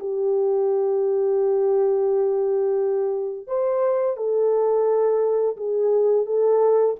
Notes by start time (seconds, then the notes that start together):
0.00 G4
3.48 C5
4.17 A4
5.57 G#4
6.26 A4